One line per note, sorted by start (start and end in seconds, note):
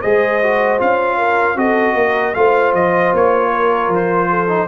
0.00 0.80 G#3
0.00 0.41 G#4
0.00 1.17 C5
0.00 0.79 D#5
0.42 0.78 F#4
0.78 1.56 C#4
0.78 1.56 F4
0.78 1.58 F5
1.17 1.56 A#4
1.56 1.94 C4
1.56 2.34 F#4
1.56 1.95 A4
1.56 2.34 D#5
1.94 2.33 A#3
1.94 2.36 A#4
2.34 2.73 A3
2.34 4.48 F4
2.34 3.51 C5
2.34 2.73 F5
2.73 3.12 F3
2.73 3.13 D#5
3.13 3.88 A#3
3.13 3.93 C#5
3.51 4.29 A#4
3.88 4.66 F3
3.94 4.68 C5
4.29 4.68 A4
4.48 4.67 D#4